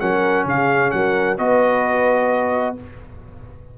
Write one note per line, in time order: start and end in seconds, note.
0.00 0.46 F#3
0.00 1.38 C#4
0.00 0.47 A#4
0.00 0.46 F#5
0.46 0.92 C#3
0.46 0.96 G#4
0.46 0.91 F5
0.91 1.39 F#3
0.91 1.40 A#4
0.91 1.37 F#5
1.38 2.77 B3
1.38 2.77 F#4
1.38 2.78 B4
1.38 2.77 D#5